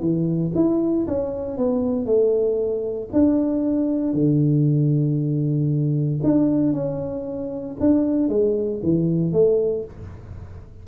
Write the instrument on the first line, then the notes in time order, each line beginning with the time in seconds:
tuba
0.00 E3
0.55 E4
1.07 C#4
1.57 B3
2.05 A3
3.12 D4
4.13 D3
6.23 D4
6.73 C#4
7.80 D4
8.29 G#3
8.83 E3
9.33 A3